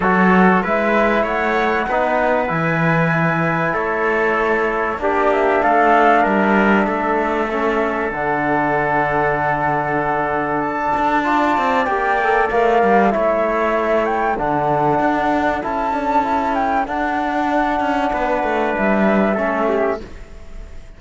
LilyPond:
<<
  \new Staff \with { instrumentName = "flute" } { \time 4/4 \tempo 4 = 96 cis''4 e''4 fis''2 | gis''2 cis''2 | d''8 e''8 f''4 e''2~ | e''4 fis''2.~ |
fis''4 a''2 g''4 | f''4 e''4. g''8 fis''4~ | fis''4 a''4. g''8 fis''4~ | fis''2 e''2 | }
  \new Staff \with { instrumentName = "trumpet" } { \time 4/4 a'4 b'4 cis''4 b'4~ | b'2 a'2 | g'4 a'4 ais'4 a'4~ | a'1~ |
a'2 d''2~ | d''4 cis''2 a'4~ | a'1~ | a'4 b'2 a'8 g'8 | }
  \new Staff \with { instrumentName = "trombone" } { \time 4/4 fis'4 e'2 dis'4 | e'1 | d'1 | cis'4 d'2.~ |
d'2 f'4 g'8 a'8 | ais'4 e'2 d'4~ | d'4 e'8 d'8 e'4 d'4~ | d'2. cis'4 | }
  \new Staff \with { instrumentName = "cello" } { \time 4/4 fis4 gis4 a4 b4 | e2 a2 | ais4 a4 g4 a4~ | a4 d2.~ |
d4. d'4 c'8 ais4 | a8 g8 a2 d4 | d'4 cis'2 d'4~ | d'8 cis'8 b8 a8 g4 a4 | }
>>